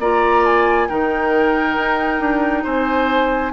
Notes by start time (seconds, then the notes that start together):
0.00 A#3 F4 D5 A#5
0.46 G#5
0.88 D#3 D#4 A#4 G5
1.76 D#4
2.20 D4
2.64 C4 C5 G#5